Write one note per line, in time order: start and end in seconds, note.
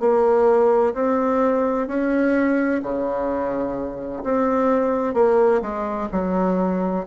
0.00 0.94 A#3
0.94 1.88 C4
1.88 2.82 C#4
2.83 4.23 C#3
4.24 5.14 C4
5.14 5.61 A#3
5.62 6.09 G#3
6.12 7.06 F#3